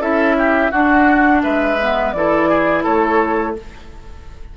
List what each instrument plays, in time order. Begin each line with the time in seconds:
0.00 bassoon C#4, clarinet E4, oboe A4, flute E5
0.38 oboe G4
0.72 clarinet D4, bassoon D4, oboe F#4, flute F#5
1.43 bassoon G#3, oboe B4, flute E5
1.80 clarinet B3
2.13 bassoon E3, clarinet E4, oboe A4, flute D5
2.50 oboe G#4
2.84 bassoon A3, oboe A4, flute C#5